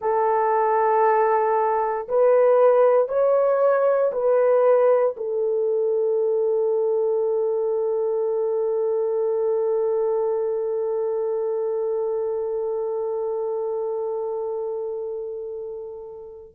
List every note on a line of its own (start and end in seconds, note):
0.00 2.07 A4
2.08 3.08 B4
3.08 4.11 C#5
4.12 5.15 B4
5.17 16.54 A4